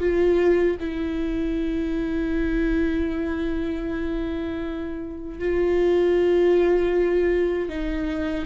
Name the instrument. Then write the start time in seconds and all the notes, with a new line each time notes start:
viola
0.00 F4
0.80 E4
5.39 F4
7.69 D#4